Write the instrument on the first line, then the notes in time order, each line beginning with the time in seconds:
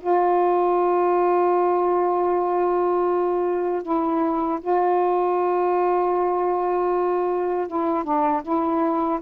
saxophone
0.00 F4
3.82 E4
4.61 F4
7.67 E4
8.03 D4
8.42 E4